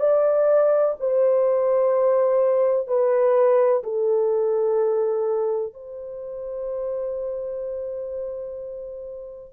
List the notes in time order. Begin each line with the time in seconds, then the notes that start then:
0.00 D5
1.00 C5
2.88 B4
3.84 A4
5.74 C5